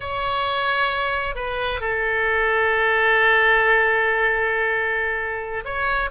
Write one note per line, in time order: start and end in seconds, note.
0.00 1.35 C#5
1.35 1.80 B4
1.80 5.64 A4
5.65 6.10 C#5